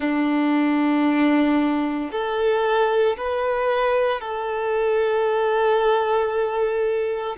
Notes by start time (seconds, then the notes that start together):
0.00 D4
2.11 A4
3.17 B4
4.21 A4